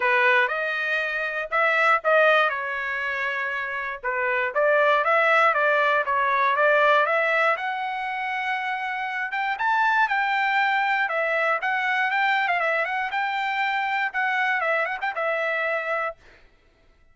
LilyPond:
\new Staff \with { instrumentName = "trumpet" } { \time 4/4 \tempo 4 = 119 b'4 dis''2 e''4 | dis''4 cis''2. | b'4 d''4 e''4 d''4 | cis''4 d''4 e''4 fis''4~ |
fis''2~ fis''8 g''8 a''4 | g''2 e''4 fis''4 | g''8. f''16 e''8 fis''8 g''2 | fis''4 e''8 fis''16 g''16 e''2 | }